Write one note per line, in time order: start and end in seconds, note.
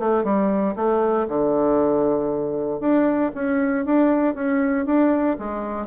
0.00 0.24 A3
0.24 0.76 G3
0.76 1.27 A3
1.29 2.80 D3
2.80 3.32 D4
3.35 3.86 C#4
3.86 4.35 D4
4.35 4.86 C#4
4.86 5.38 D4
5.39 5.87 G#3